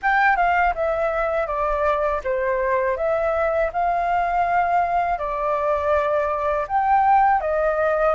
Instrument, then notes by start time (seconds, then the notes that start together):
flute
0.02 G5
0.36 F5
0.74 E5
1.46 D5
2.24 C5
2.96 E5
3.72 F5
5.18 D5
6.67 G5
7.40 D#5